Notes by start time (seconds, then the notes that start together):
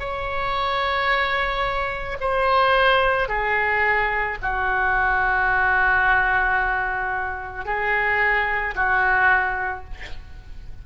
0.00 C#5
2.21 C5
3.29 G#4
4.42 F#4
7.66 G#4
8.76 F#4